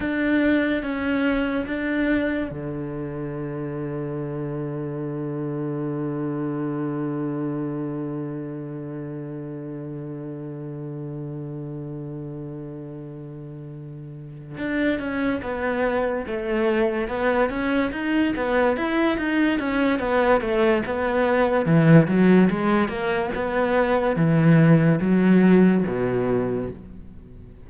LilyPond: \new Staff \with { instrumentName = "cello" } { \time 4/4 \tempo 4 = 72 d'4 cis'4 d'4 d4~ | d1~ | d1~ | d1~ |
d4. d'8 cis'8 b4 a8~ | a8 b8 cis'8 dis'8 b8 e'8 dis'8 cis'8 | b8 a8 b4 e8 fis8 gis8 ais8 | b4 e4 fis4 b,4 | }